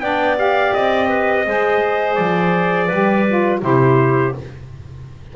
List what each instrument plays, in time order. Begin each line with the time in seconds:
0.00 double bass B3, saxophone D4, clarinet D5, trumpet G5
0.37 saxophone G4, trumpet F5
0.74 double bass C4, trumpet D#5
1.08 clarinet B4
1.46 double bass G#3, saxophone G#4, clarinet C5
2.15 double bass F3, trumpet D5
2.86 double bass G3, saxophone G4, clarinet B4
3.28 saxophone F4
3.61 double bass C3, saxophone E4, clarinet G4, trumpet C5